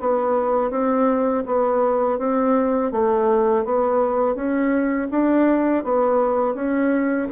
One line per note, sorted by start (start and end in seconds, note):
0.00 0.71 B3
0.71 1.44 C4
1.46 2.19 B3
2.19 2.92 C4
2.92 3.65 A3
3.65 4.35 B3
4.35 5.08 C#4
5.11 5.84 D4
5.84 6.54 B3
6.54 7.27 C#4